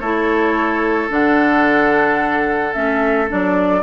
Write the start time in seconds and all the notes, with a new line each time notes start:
0.00 A3 E4 A4 C#5
1.10 D3 D4 F#5
2.73 A3 C#4 E5
3.28 F#3 D4 D5